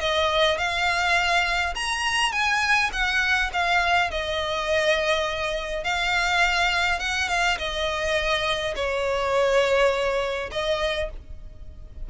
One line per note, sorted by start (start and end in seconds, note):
0.00 0.58 D#5
0.58 1.74 F5
1.75 2.32 A#5
2.32 2.90 G#5
2.92 3.51 F#5
3.53 4.10 F5
4.10 5.84 D#5
5.84 6.99 F5
6.99 7.28 F#5
7.28 7.58 F5
7.58 8.75 D#5
8.75 10.50 C#5
10.51 11.10 D#5